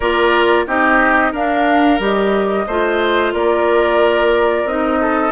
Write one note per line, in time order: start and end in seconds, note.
0.00 0.66 A#3
0.00 0.67 F4
0.00 0.64 A#4
0.00 0.66 D5
0.66 1.32 C4
0.66 1.33 D#4
0.66 1.32 G4
0.66 1.33 D#5
1.32 1.99 D4
1.32 2.65 A#4
1.32 2.01 F5
1.99 2.65 G3
1.99 2.66 G4
1.99 3.34 D#5
2.67 3.33 A3
2.67 4.68 F4
2.67 3.33 C5
3.33 4.64 A#3
3.33 5.00 A#4
3.33 4.67 D5
4.64 5.31 C4
4.64 5.31 D#4
4.64 5.31 D#5
5.00 5.31 A4